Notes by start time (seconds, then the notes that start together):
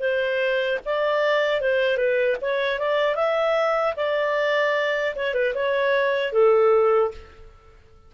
0.00 C5
0.85 D5
1.61 C5
1.97 B4
2.42 C#5
2.80 D5
3.15 E5
3.97 D5
5.16 C#5
5.34 B4
5.55 C#5
6.33 A4